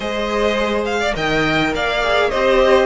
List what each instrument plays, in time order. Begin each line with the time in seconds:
0.00 cello G#3, viola G#4, violin C5 D#5
0.84 violin F5
1.00 violin D5
1.12 cello D#3, viola A#4, violin D#5 G5
1.74 cello A#3, violin D5 F5
2.03 viola G#4
2.29 cello C4, viola G4, violin C5 D#5